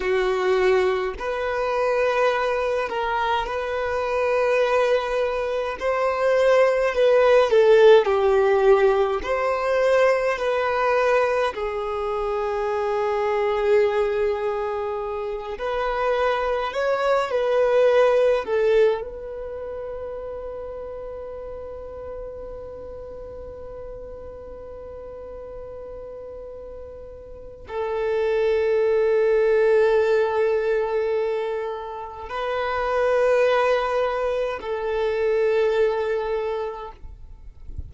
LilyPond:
\new Staff \with { instrumentName = "violin" } { \time 4/4 \tempo 4 = 52 fis'4 b'4. ais'8 b'4~ | b'4 c''4 b'8 a'8 g'4 | c''4 b'4 gis'2~ | gis'4. b'4 cis''8 b'4 |
a'8 b'2.~ b'8~ | b'1 | a'1 | b'2 a'2 | }